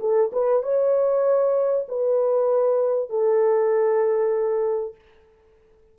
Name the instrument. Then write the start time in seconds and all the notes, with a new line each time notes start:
horn
0.00 A4
0.33 B4
0.63 C#5
1.89 B4
3.10 A4